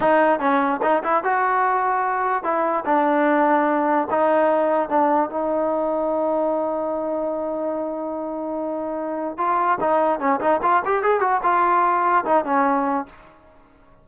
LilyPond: \new Staff \with { instrumentName = "trombone" } { \time 4/4 \tempo 4 = 147 dis'4 cis'4 dis'8 e'8 fis'4~ | fis'2 e'4 d'4~ | d'2 dis'2 | d'4 dis'2.~ |
dis'1~ | dis'2. f'4 | dis'4 cis'8 dis'8 f'8 g'8 gis'8 fis'8 | f'2 dis'8 cis'4. | }